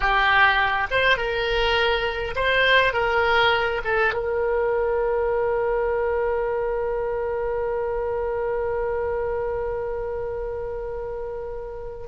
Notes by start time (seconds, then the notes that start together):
0.00 G4
0.90 C5
1.17 A#4
2.35 C5
2.93 A#4
3.84 A4
4.13 A#4